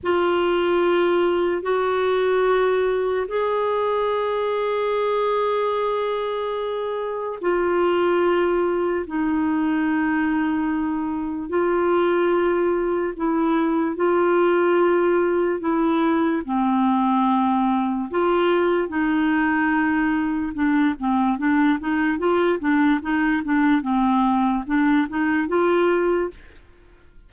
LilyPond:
\new Staff \with { instrumentName = "clarinet" } { \time 4/4 \tempo 4 = 73 f'2 fis'2 | gis'1~ | gis'4 f'2 dis'4~ | dis'2 f'2 |
e'4 f'2 e'4 | c'2 f'4 dis'4~ | dis'4 d'8 c'8 d'8 dis'8 f'8 d'8 | dis'8 d'8 c'4 d'8 dis'8 f'4 | }